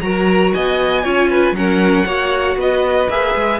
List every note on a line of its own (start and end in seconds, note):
0.00 0.52 F#3
0.00 1.03 F#4
0.00 0.54 A#4
0.00 0.51 A#5
0.53 1.04 B3
0.53 1.03 D#5
0.53 1.55 G#5
1.03 1.51 C#4
1.03 1.54 F4
1.03 1.29 C#5
1.29 1.55 B4
1.51 2.03 F#3
1.51 2.05 C#4
1.51 2.58 F#5
1.58 2.05 A#4
2.05 2.56 A#3
2.05 3.08 F#4
2.05 2.57 C#5
2.56 3.07 B3
2.56 3.59 B4
2.56 3.10 D#5
3.09 3.34 A#3
3.09 3.59 G#4
3.09 3.59 E5
3.35 3.59 G#3